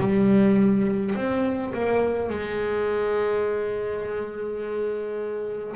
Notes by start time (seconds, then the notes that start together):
0.00 G3
1.16 C4
1.74 A#3
2.30 G#3